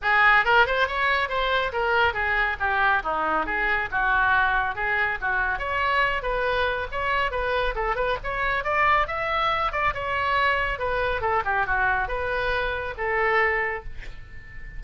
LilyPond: \new Staff \with { instrumentName = "oboe" } { \time 4/4 \tempo 4 = 139 gis'4 ais'8 c''8 cis''4 c''4 | ais'4 gis'4 g'4 dis'4 | gis'4 fis'2 gis'4 | fis'4 cis''4. b'4. |
cis''4 b'4 a'8 b'8 cis''4 | d''4 e''4. d''8 cis''4~ | cis''4 b'4 a'8 g'8 fis'4 | b'2 a'2 | }